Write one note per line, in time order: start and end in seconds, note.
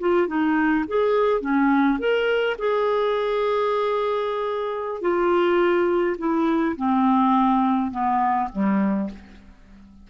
0.00 0.28 F4
0.28 0.85 D#4
0.88 1.41 G#4
1.41 1.99 C#4
1.99 2.57 A#4
2.59 5.01 G#4
5.01 6.17 F4
6.18 6.76 E4
6.77 7.91 C4
7.91 8.49 B3
8.53 9.10 G3